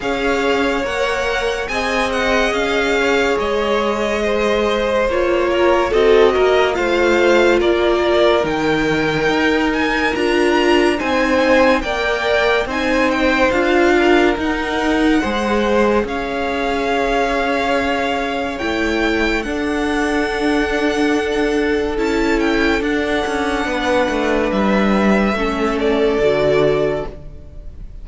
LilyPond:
<<
  \new Staff \with { instrumentName = "violin" } { \time 4/4 \tempo 4 = 71 f''4 fis''4 gis''8 fis''8 f''4 | dis''2 cis''4 dis''4 | f''4 d''4 g''4. gis''8 | ais''4 gis''4 g''4 gis''8 g''8 |
f''4 fis''2 f''4~ | f''2 g''4 fis''4~ | fis''2 a''8 g''8 fis''4~ | fis''4 e''4. d''4. | }
  \new Staff \with { instrumentName = "violin" } { \time 4/4 cis''2 dis''4. cis''8~ | cis''4 c''4. ais'8 a'8 ais'8 | c''4 ais'2.~ | ais'4 c''4 d''4 c''4~ |
c''8 ais'4. c''4 cis''4~ | cis''2. a'4~ | a'1 | b'2 a'2 | }
  \new Staff \with { instrumentName = "viola" } { \time 4/4 gis'4 ais'4 gis'2~ | gis'2 f'4 fis'4 | f'2 dis'2 | f'4 dis'4 ais'4 dis'4 |
f'4 dis'4 gis'2~ | gis'2 e'4 d'4~ | d'2 e'4 d'4~ | d'2 cis'4 fis'4 | }
  \new Staff \with { instrumentName = "cello" } { \time 4/4 cis'4 ais4 c'4 cis'4 | gis2 ais4 c'8 ais8 | a4 ais4 dis4 dis'4 | d'4 c'4 ais4 c'4 |
d'4 dis'4 gis4 cis'4~ | cis'2 a4 d'4~ | d'2 cis'4 d'8 cis'8 | b8 a8 g4 a4 d4 | }
>>